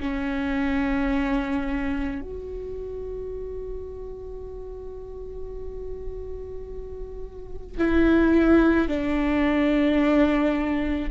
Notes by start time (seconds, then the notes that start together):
0.00 C#4
2.22 F#4
7.78 E4
8.88 D4